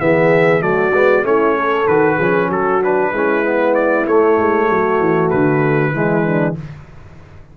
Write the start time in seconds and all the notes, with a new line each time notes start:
0.00 E3 B3 G#4 E5
0.61 F#3 A3 F#4 D5
0.93 G#3 B3
1.23 A3 C#4 E4 C#5
1.57 A4
1.88 D#3 F#4 B4
2.17 F3 C#4 G#4
2.49 F#3 F#4 A4
2.83 D4 B4
3.13 G#3 C#4 E4
3.45 B3
3.75 D5
4.07 A3 C#5
4.39 G#3
4.68 F#3 F#4
5.00 E3
5.30 D3 B4
5.93 E3 G#3 E4
6.26 D4